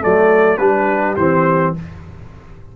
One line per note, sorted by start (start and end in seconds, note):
0.00 0.57 F#3
0.00 0.58 A3
0.00 0.58 A4
0.00 0.57 D5
0.57 1.15 G3
0.57 1.17 D4
0.57 1.75 G4
0.57 1.15 B4
1.16 1.74 E3
1.16 1.76 C4
1.16 1.74 C5